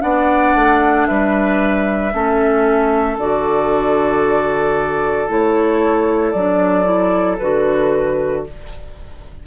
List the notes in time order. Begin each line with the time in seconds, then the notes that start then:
0.00 B3 D4 D5 F#5
0.55 A3
1.06 G3 B4 E5
2.13 A3 C#4 A4
3.18 D3 F#4 D5
5.28 A3 E4 C#5
6.31 F#3 D4 D5
6.84 E4
7.38 D3 F#4 B4